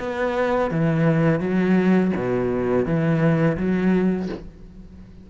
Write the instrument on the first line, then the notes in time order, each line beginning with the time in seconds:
cello
0.00 B3
0.71 E3
1.41 F#3
2.17 B2
2.86 E3
3.58 F#3